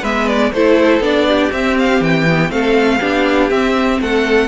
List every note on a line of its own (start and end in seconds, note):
0.00 0.52 G#3
0.00 0.52 B3
0.00 0.50 B4
0.00 0.28 E5
0.28 0.52 D5
0.53 0.99 A3
0.53 1.02 E4
0.53 1.28 A4
0.53 1.02 C5
0.99 1.49 B3
0.99 1.51 D4
0.99 1.52 D5
1.28 2.52 G4
1.51 2.25 C4
1.51 2.01 C4
1.51 1.77 E5
1.78 2.03 F5
2.01 2.50 E3
2.01 2.51 G5
2.29 2.49 B3
2.49 3.00 A3
2.49 2.99 C4
2.49 3.00 A4
2.49 3.50 F5
3.00 3.50 B3
3.00 3.50 D4
3.00 3.99 G4
3.50 4.48 C4
3.50 4.00 C4
3.50 4.00 E5
4.01 4.48 A3
4.01 4.48 A4
4.01 4.48 F#5